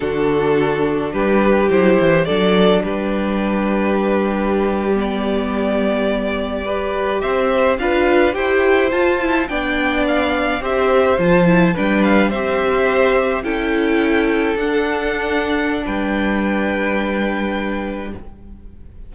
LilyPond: <<
  \new Staff \with { instrumentName = "violin" } { \time 4/4 \tempo 4 = 106 a'2 b'4 c''4 | d''4 b'2.~ | b'8. d''2.~ d''16~ | d''8. e''4 f''4 g''4 a''16~ |
a''8. g''4 f''4 e''4 a''16~ | a''8. g''8 f''8 e''2 g''16~ | g''4.~ g''16 fis''2~ fis''16 | g''1 | }
  \new Staff \with { instrumentName = "violin" } { \time 4/4 fis'2 g'2 | a'4 g'2.~ | g'2.~ g'8. b'16~ | b'8. c''4 b'4 c''4~ c''16~ |
c''8. d''2 c''4~ c''16~ | c''8. b'4 c''2 a'16~ | a'1 | b'1 | }
  \new Staff \with { instrumentName = "viola" } { \time 4/4 d'2. e'4 | d'1~ | d'8. b2. g'16~ | g'4.~ g'16 f'4 g'4 f'16~ |
f'16 e'8 d'2 g'4 f'16~ | f'16 e'8 d'4 g'2 e'16~ | e'4.~ e'16 d'2~ d'16~ | d'1 | }
  \new Staff \with { instrumentName = "cello" } { \time 4/4 d2 g4 fis8 e8 | fis4 g2.~ | g1~ | g8. c'4 d'4 e'4 f'16~ |
f'8. b2 c'4 f16~ | f8. g4 c'2 cis'16~ | cis'4.~ cis'16 d'2~ d'16 | g1 | }
>>